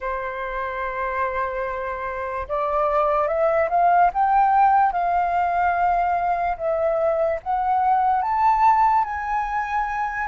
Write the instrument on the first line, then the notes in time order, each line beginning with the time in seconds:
flute
0.00 C5
2.47 D5
3.27 E5
3.69 F5
4.13 G5
4.92 F5
6.57 E5
7.42 F#5
8.22 A5
9.04 G#5